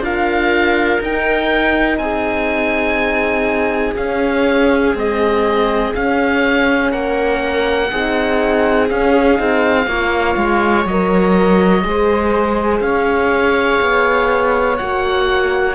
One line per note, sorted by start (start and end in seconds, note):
0.00 0.98 D4
0.00 1.00 F4
0.00 2.01 A#4
0.00 1.02 F5
1.00 1.98 D#4
1.00 3.97 D#4
1.00 1.97 G5
1.97 3.94 C4
1.97 6.91 G#4
1.97 3.94 G#5
3.96 4.94 C#4
3.96 4.94 F5
4.94 5.93 G#3
4.94 5.92 C4
4.94 5.94 D#5
5.93 7.90 C#4
5.93 6.93 C#4
5.93 6.91 F5
6.91 7.91 A#3
6.91 7.90 A#4
6.91 8.88 F#5
7.90 8.90 C4
7.90 8.88 D#4
7.90 9.87 G#4
8.88 9.35 C#4
8.88 9.39 C#4
8.88 10.85 F5
9.35 9.86 C4
9.35 9.84 D#4
9.86 10.35 A#3
9.86 10.86 F4
9.86 11.85 C#5
10.36 10.85 G#3
10.85 11.83 F#3
10.85 11.82 A#4
10.85 12.81 D#5
11.82 12.80 G#3
11.82 14.77 G#4
11.82 12.85 C5
12.80 13.78 C#4
12.80 15.74 C#5
12.80 14.77 F5
13.81 14.80 B3
14.77 15.74 A#3
14.77 15.74 F#4
14.77 15.74 F#5